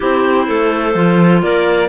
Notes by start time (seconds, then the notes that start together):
0.00 C4 E4 G4 C5
0.47 A3 A4
0.94 F3 F4
1.42 A#3 A#4 D5